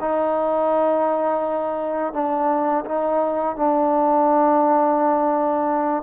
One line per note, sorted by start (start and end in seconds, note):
0.00 2.13 D#4
2.13 2.84 D4
2.85 3.56 D#4
3.56 6.03 D4